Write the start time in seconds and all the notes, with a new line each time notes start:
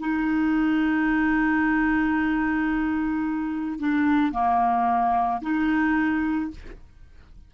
0.00 D#4
3.80 D4
4.33 A#3
5.42 D#4